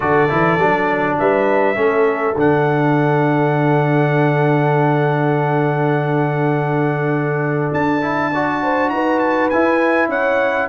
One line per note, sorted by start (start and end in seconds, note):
0.00 0.30 D3
0.00 0.28 F#4
0.00 1.17 A4
0.00 1.17 D5
0.29 0.58 E3
0.29 0.59 E4
0.58 1.17 F#3
0.58 1.75 D4
1.19 1.76 G3
1.19 1.78 B4
1.19 2.37 E5
1.75 2.35 A3
1.75 2.34 C#4
1.75 8.32 A4
2.36 7.71 D3
2.36 8.01 D4
2.36 7.73 F#5
7.73 8.90 D4
7.73 8.89 A5
8.01 8.31 E4
8.32 9.52 F#4
8.32 8.61 D5
8.62 8.92 C5
8.89 9.50 D#4
8.89 10.09 B4
8.89 9.19 A#5
9.19 9.49 A5
9.49 10.69 E4
9.49 10.08 E4
9.49 10.09 G#5
10.08 10.67 C#4
10.08 10.68 C#5
10.08 10.69 F#5